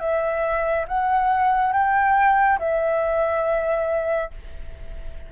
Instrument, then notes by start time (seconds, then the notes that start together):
flute
0.00 E5
0.88 F#5
1.73 G5
2.59 E5